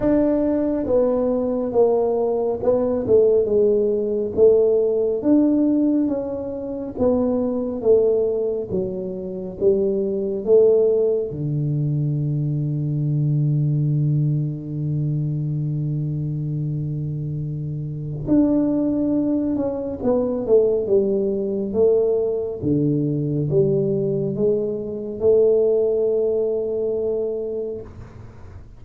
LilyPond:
\new Staff \with { instrumentName = "tuba" } { \time 4/4 \tempo 4 = 69 d'4 b4 ais4 b8 a8 | gis4 a4 d'4 cis'4 | b4 a4 fis4 g4 | a4 d2.~ |
d1~ | d4 d'4. cis'8 b8 a8 | g4 a4 d4 g4 | gis4 a2. | }